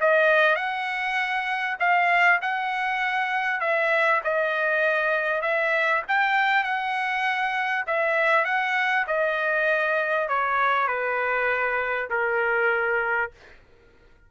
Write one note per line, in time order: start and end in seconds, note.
0.00 0.55 D#5
0.55 1.76 F#5
1.79 2.40 F5
2.41 3.60 F#5
3.60 4.21 E5
4.23 5.41 D#5
5.41 6.02 E5
6.07 6.63 G5
6.63 7.84 F#5
7.86 8.44 E5
8.44 9.05 F#5
9.07 10.28 D#5
10.28 10.87 C#5
10.87 12.09 B4
12.10 13.31 A#4